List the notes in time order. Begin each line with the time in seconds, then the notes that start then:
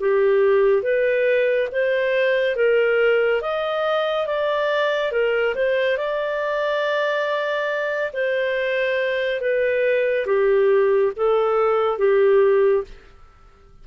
0.00 G4
0.83 B4
1.72 C5
2.56 A#4
3.42 D#5
4.27 D5
5.12 A#4
5.56 C5
5.98 D5
8.13 C5
9.41 B4
10.27 G4
11.16 A4
11.98 G4